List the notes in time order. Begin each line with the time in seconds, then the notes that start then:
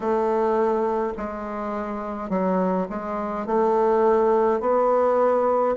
0.00 A3
1.17 G#3
2.29 F#3
2.89 G#3
3.46 A3
4.60 B3